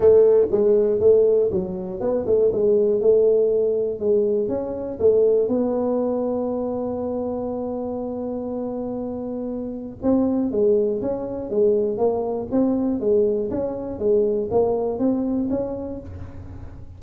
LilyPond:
\new Staff \with { instrumentName = "tuba" } { \time 4/4 \tempo 4 = 120 a4 gis4 a4 fis4 | b8 a8 gis4 a2 | gis4 cis'4 a4 b4~ | b1~ |
b1 | c'4 gis4 cis'4 gis4 | ais4 c'4 gis4 cis'4 | gis4 ais4 c'4 cis'4 | }